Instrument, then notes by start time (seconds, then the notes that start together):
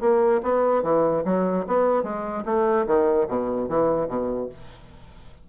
bassoon
0.00 A#3
0.42 B3
0.82 E3
1.24 F#3
1.67 B3
2.03 G#3
2.45 A3
2.86 D#3
3.28 B2
3.68 E3
4.07 B2